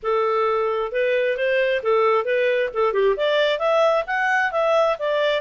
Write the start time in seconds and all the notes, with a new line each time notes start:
0.02 A4
0.92 B4
1.36 C5
1.82 A4
2.24 B4
2.73 A4
2.93 G4
3.16 D5
3.59 E5
4.06 F#5
4.51 E5
4.98 D5